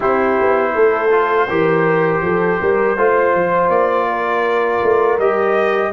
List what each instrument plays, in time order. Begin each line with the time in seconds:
0.00 tuba C4, trombone E4, horn G4, trumpet C5
0.40 tuba B3
0.74 tuba A3, horn A4
1.10 trombone F4
1.47 tuba E3, trombone G4, horn A#4
2.21 tuba F3, horn A4
2.60 tuba G3, horn A#4
2.96 tuba A3, trombone F4, horn C5
3.34 tuba F3
3.68 tuba A#3, trumpet D5
4.08 horn A#4
4.83 tuba A3
5.18 tuba G3, trombone G4, trumpet D#5